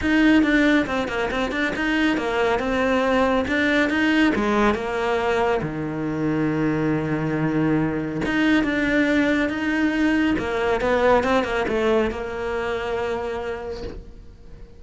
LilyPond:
\new Staff \with { instrumentName = "cello" } { \time 4/4 \tempo 4 = 139 dis'4 d'4 c'8 ais8 c'8 d'8 | dis'4 ais4 c'2 | d'4 dis'4 gis4 ais4~ | ais4 dis2.~ |
dis2. dis'4 | d'2 dis'2 | ais4 b4 c'8 ais8 a4 | ais1 | }